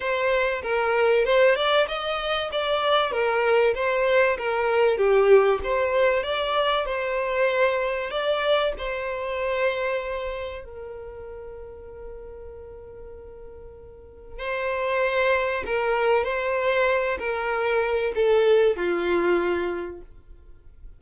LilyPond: \new Staff \with { instrumentName = "violin" } { \time 4/4 \tempo 4 = 96 c''4 ais'4 c''8 d''8 dis''4 | d''4 ais'4 c''4 ais'4 | g'4 c''4 d''4 c''4~ | c''4 d''4 c''2~ |
c''4 ais'2.~ | ais'2. c''4~ | c''4 ais'4 c''4. ais'8~ | ais'4 a'4 f'2 | }